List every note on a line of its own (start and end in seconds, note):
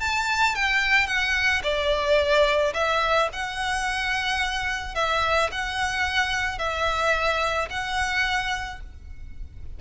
0.00 0.55 A5
0.55 1.07 G5
1.07 1.62 F#5
1.63 2.73 D5
2.74 3.29 E5
3.33 4.95 F#5
4.95 5.50 E5
5.51 6.58 F#5
6.58 7.68 E5
7.70 8.80 F#5